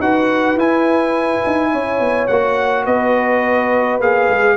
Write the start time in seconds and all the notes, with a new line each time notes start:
0.00 D#4 F#4 B4 F#5
0.56 E4 G#5
1.47 D#4
1.72 C#4 C#5
2.00 B3
2.28 A#3 F#4 F#5
2.85 B3 B4 D#5
4.00 A#3 G#4 F5
4.30 G#3